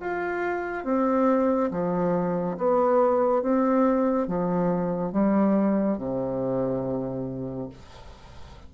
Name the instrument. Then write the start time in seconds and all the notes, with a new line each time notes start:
bassoon
0.00 F4
0.84 C4
1.71 F3
2.57 B3
3.42 C4
4.27 F3
5.12 G3
5.98 C3